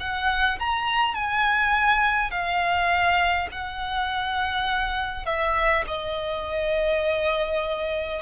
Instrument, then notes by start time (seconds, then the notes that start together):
violin
0.00 F#5
0.59 A#5
1.14 G#5
2.31 F5
3.52 F#5
5.26 E5
5.87 D#5